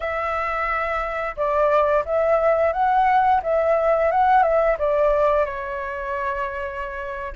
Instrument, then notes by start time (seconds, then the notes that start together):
flute
0.00 E5
1.36 D5
2.05 E5
2.73 F#5
3.42 E5
4.11 F#5
4.43 E5
4.78 D5
5.45 C#5